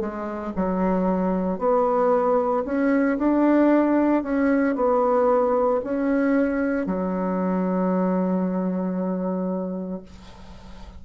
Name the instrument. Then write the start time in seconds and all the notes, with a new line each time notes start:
bassoon
0.00 G#3
0.56 F#3
1.59 B3
2.65 C#4
3.18 D4
4.23 C#4
4.76 B3
5.84 C#4
6.86 F#3